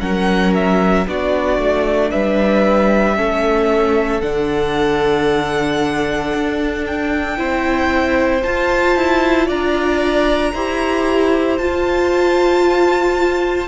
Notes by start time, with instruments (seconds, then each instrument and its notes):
0.00 cello F#3, viola C#4, violin A#4 F#5
0.55 violin E5
1.07 cello B3, viola D4, violin F#4 D5
1.58 cello A3
2.11 cello G3, violin B4 E5
3.16 cello A3, viola C#4, violin A4
4.21 cello D3, viola D4, violin F#5
6.34 cello D4
6.86 violin G5
7.37 cello C4, viola E4, violin C5
8.43 viola F4, cello F4, violin A5
8.96 cello E4
9.46 cello D4, violin D5 A#5
10.53 cello E4, viola G4, violin C5
11.58 cello F4, viola F4, violin A5